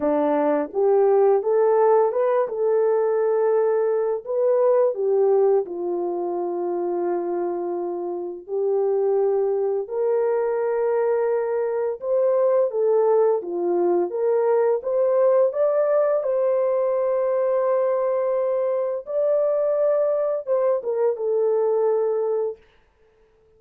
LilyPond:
\new Staff \with { instrumentName = "horn" } { \time 4/4 \tempo 4 = 85 d'4 g'4 a'4 b'8 a'8~ | a'2 b'4 g'4 | f'1 | g'2 ais'2~ |
ais'4 c''4 a'4 f'4 | ais'4 c''4 d''4 c''4~ | c''2. d''4~ | d''4 c''8 ais'8 a'2 | }